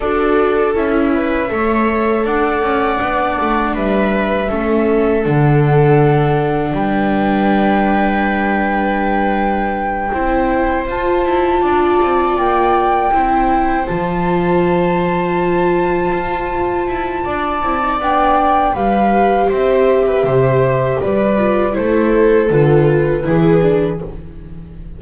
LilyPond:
<<
  \new Staff \with { instrumentName = "flute" } { \time 4/4 \tempo 4 = 80 d''4 e''2 fis''4~ | fis''4 e''2 fis''4~ | fis''4 g''2.~ | g''2~ g''8 a''4.~ |
a''8 g''2 a''4.~ | a''1 | g''4 f''4 e''2 | d''4 c''4 b'2 | }
  \new Staff \with { instrumentName = "viola" } { \time 4/4 a'4. b'8 cis''4 d''4~ | d''4 b'4 a'2~ | a'4 b'2.~ | b'4. c''2 d''8~ |
d''4. c''2~ c''8~ | c''2. d''4~ | d''4 b'4 c''8. b'16 c''4 | b'4 a'2 gis'4 | }
  \new Staff \with { instrumentName = "viola" } { \time 4/4 fis'4 e'4 a'2 | d'2 cis'4 d'4~ | d'1~ | d'4. e'4 f'4.~ |
f'4. e'4 f'4.~ | f'2.~ f'8 e'16 dis'16 | d'4 g'2.~ | g'8 f'8 e'4 f'4 e'8 d'8 | }
  \new Staff \with { instrumentName = "double bass" } { \time 4/4 d'4 cis'4 a4 d'8 cis'8 | b8 a8 g4 a4 d4~ | d4 g2.~ | g4. c'4 f'8 e'8 d'8 |
c'8 ais4 c'4 f4.~ | f4. f'4 e'8 d'8 c'8 | b4 g4 c'4 c4 | g4 a4 d4 e4 | }
>>